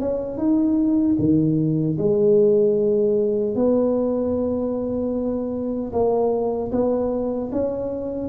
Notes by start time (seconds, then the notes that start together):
0.00 C#4
0.37 D#4
1.19 D#3
1.98 G#3
3.55 B3
5.92 A#3
6.71 B3
7.52 C#4